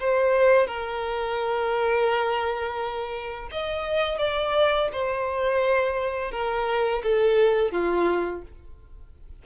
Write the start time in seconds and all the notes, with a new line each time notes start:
0.00 C5
0.67 A#4
3.52 D#5
4.19 D5
4.93 C5
6.32 A#4
7.03 A4
7.72 F4